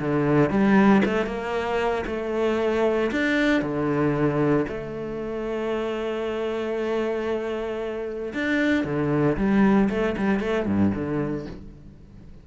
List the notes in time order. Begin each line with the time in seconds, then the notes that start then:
0.00 D3
0.50 G3
1.06 A3
1.26 A#3
2.07 A3
3.12 D4
3.62 D3
4.68 A3
8.34 D4
8.85 D3
9.37 G3
9.90 A3
10.18 G3
10.40 A3
10.67 G2
10.95 D3